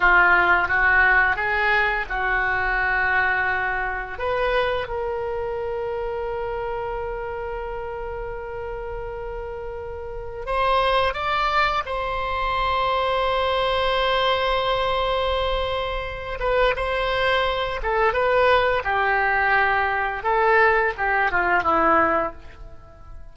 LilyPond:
\new Staff \with { instrumentName = "oboe" } { \time 4/4 \tempo 4 = 86 f'4 fis'4 gis'4 fis'4~ | fis'2 b'4 ais'4~ | ais'1~ | ais'2. c''4 |
d''4 c''2.~ | c''2.~ c''8 b'8 | c''4. a'8 b'4 g'4~ | g'4 a'4 g'8 f'8 e'4 | }